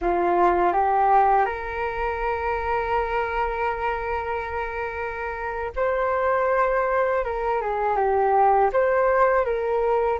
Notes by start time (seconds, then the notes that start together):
0.01 F4
0.72 G4
1.45 A#4
5.76 C5
7.24 A#4
7.61 G#4
7.96 G4
8.72 C5
9.45 A#4